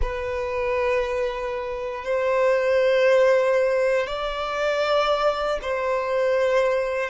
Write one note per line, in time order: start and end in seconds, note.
0.01 2.04 B4
2.04 4.06 C5
4.06 5.59 D5
5.62 7.10 C5